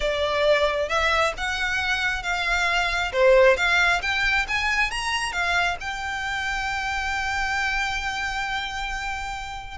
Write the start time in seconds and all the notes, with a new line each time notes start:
0.00 D5
0.88 E5
1.37 F#5
2.23 F5
3.12 C5
3.56 F5
4.02 G5
4.47 G#5
4.90 A#5
5.32 F5
5.80 G5